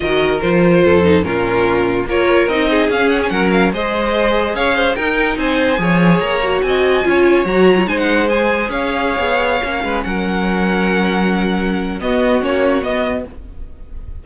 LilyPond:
<<
  \new Staff \with { instrumentName = "violin" } { \time 4/4 \tempo 4 = 145 dis''4 c''2 ais'4~ | ais'4 cis''4 dis''4 f''8 fis''16 gis''16 | fis''8 f''8 dis''2 f''4 | g''4 gis''2 ais''4 |
gis''2 ais''4 gis''16 fis''8. | gis''4 f''2.~ | f''16 fis''2.~ fis''8.~ | fis''4 dis''4 cis''4 dis''4 | }
  \new Staff \with { instrumentName = "violin" } { \time 4/4 ais'2 a'4 f'4~ | f'4 ais'4. gis'4. | ais'4 c''2 cis''8 c''8 | ais'4 c''4 cis''2 |
dis''4 cis''2 c''4~ | c''4 cis''2~ cis''8. b'16~ | b'16 ais'2.~ ais'8.~ | ais'4 fis'2. | }
  \new Staff \with { instrumentName = "viola" } { \time 4/4 fis'4 f'4. dis'8 cis'4~ | cis'4 f'4 dis'4 cis'4~ | cis'4 gis'2. | dis'2 gis'4. fis'8~ |
fis'4 f'4 fis'8. f'16 dis'4 | gis'2.~ gis'16 cis'8.~ | cis'1~ | cis'4 b4 cis'4 b4 | }
  \new Staff \with { instrumentName = "cello" } { \time 4/4 dis4 f4 f,4 ais,4~ | ais,4 ais4 c'4 cis'4 | fis4 gis2 cis'4 | dis'4 c'4 f4 ais4 |
c'4 cis'4 fis4 gis4~ | gis4 cis'4~ cis'16 b4 ais8 gis16~ | gis16 fis2.~ fis8.~ | fis4 b4 ais4 b4 | }
>>